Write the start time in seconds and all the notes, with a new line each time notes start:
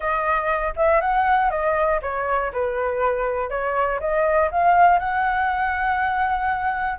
0.00 D#5
0.76 E5
1.00 F#5
1.50 D#5
2.01 C#5
2.52 B4
3.49 C#5
4.00 D#5
4.51 F5
4.99 F#5